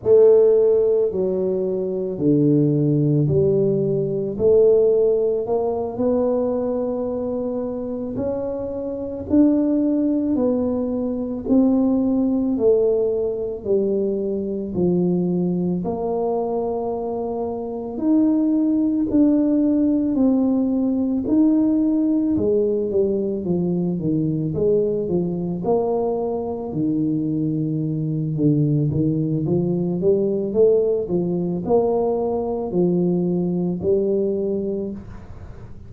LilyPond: \new Staff \with { instrumentName = "tuba" } { \time 4/4 \tempo 4 = 55 a4 fis4 d4 g4 | a4 ais8 b2 cis'8~ | cis'8 d'4 b4 c'4 a8~ | a8 g4 f4 ais4.~ |
ais8 dis'4 d'4 c'4 dis'8~ | dis'8 gis8 g8 f8 dis8 gis8 f8 ais8~ | ais8 dis4. d8 dis8 f8 g8 | a8 f8 ais4 f4 g4 | }